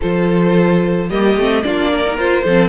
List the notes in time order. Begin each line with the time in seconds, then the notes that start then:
0.01 F3 F4 A4 C5
1.09 G3 A#3 G4 D#5
1.36 A3 C4
1.62 A#3 D4 F4 D5
1.92 A#4
2.06 D#4
2.17 F4 C5
2.44 F3 C4 A4